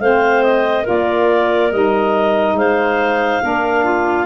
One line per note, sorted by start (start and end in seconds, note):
0.00 0.86 A3
0.00 0.84 C4
0.00 0.83 C5
0.00 0.43 F5
0.43 0.86 D#5
0.83 1.72 A#3
0.83 1.70 F4
0.83 2.55 A#4
0.83 1.72 D5
1.72 2.54 G3
1.72 3.41 D#4
1.72 2.57 D#5
2.54 3.39 G#3
2.54 3.43 C5
2.54 4.26 F5
3.41 4.26 A#3
3.41 4.26 D4
3.41 3.84 A#4
3.84 4.26 F4